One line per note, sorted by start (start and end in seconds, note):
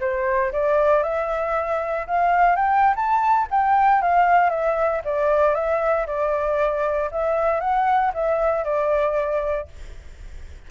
0.00 0.52 C5
0.52 1.03 D5
1.03 2.06 E5
2.07 2.56 F5
2.56 2.94 G5
2.96 3.47 A5
3.51 4.02 G5
4.02 4.50 F5
4.50 5.01 E5
5.05 5.55 D5
5.55 6.06 E5
6.06 7.10 D5
7.11 7.60 E5
7.60 8.12 F#5
8.13 8.64 E5
8.64 9.68 D5